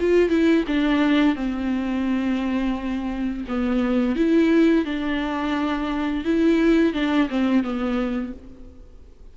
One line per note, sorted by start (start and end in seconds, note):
0.00 0.29 F4
0.29 0.64 E4
0.68 1.35 D4
1.35 3.45 C4
3.48 4.16 B3
4.16 4.85 E4
4.85 6.25 D4
6.25 6.94 E4
6.94 7.28 D4
7.30 7.63 C4
7.63 8.33 B3